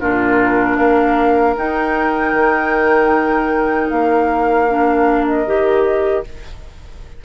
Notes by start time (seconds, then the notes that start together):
0.00 A#2 D4 F4 A#4
0.77 A#3 A#4 F5
1.56 D#4 G5
2.33 D#3
3.90 A#3 F5
4.68 D4
5.27 D#5
5.46 D#3 G4